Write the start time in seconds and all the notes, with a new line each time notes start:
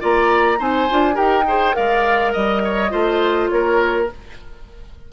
0.00 A#3 F4 D5 A#5
0.59 C4 D#4 C5 G#5
0.90 D4 F4
1.14 D#4 G4 A#4 G5
1.48 G#4 C5
1.73 G#3 A#4 D5 F5
2.33 G3 D#5
2.64 C#5
2.90 A3 F4 C5
3.50 A#3 A#4 C#5